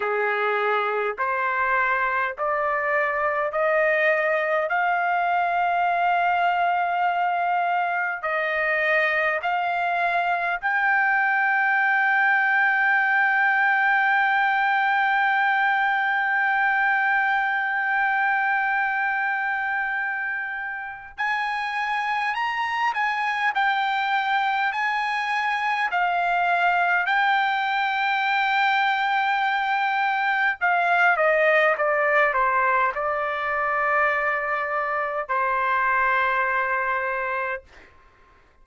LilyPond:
\new Staff \with { instrumentName = "trumpet" } { \time 4/4 \tempo 4 = 51 gis'4 c''4 d''4 dis''4 | f''2. dis''4 | f''4 g''2.~ | g''1~ |
g''2 gis''4 ais''8 gis''8 | g''4 gis''4 f''4 g''4~ | g''2 f''8 dis''8 d''8 c''8 | d''2 c''2 | }